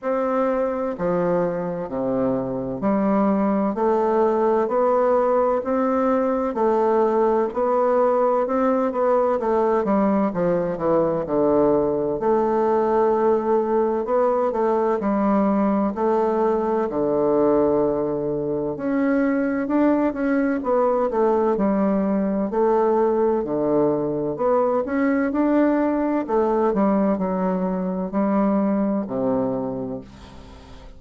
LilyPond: \new Staff \with { instrumentName = "bassoon" } { \time 4/4 \tempo 4 = 64 c'4 f4 c4 g4 | a4 b4 c'4 a4 | b4 c'8 b8 a8 g8 f8 e8 | d4 a2 b8 a8 |
g4 a4 d2 | cis'4 d'8 cis'8 b8 a8 g4 | a4 d4 b8 cis'8 d'4 | a8 g8 fis4 g4 c4 | }